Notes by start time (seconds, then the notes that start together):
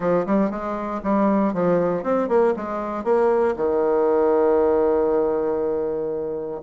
0.00 F3
0.26 G3
0.50 G#3
1.03 G3
1.53 F3
2.03 C4
2.28 A#3
2.56 G#3
3.04 A#3
3.56 D#3